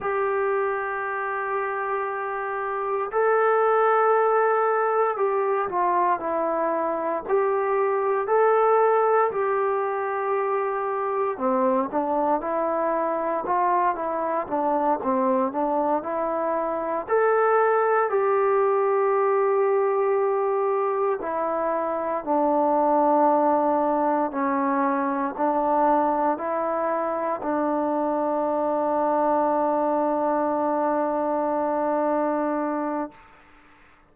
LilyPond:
\new Staff \with { instrumentName = "trombone" } { \time 4/4 \tempo 4 = 58 g'2. a'4~ | a'4 g'8 f'8 e'4 g'4 | a'4 g'2 c'8 d'8 | e'4 f'8 e'8 d'8 c'8 d'8 e'8~ |
e'8 a'4 g'2~ g'8~ | g'8 e'4 d'2 cis'8~ | cis'8 d'4 e'4 d'4.~ | d'1 | }